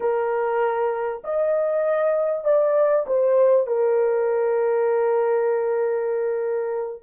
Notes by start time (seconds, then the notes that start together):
0.00 A#4
1.24 D#5
2.44 D5
3.06 C5
3.67 A#4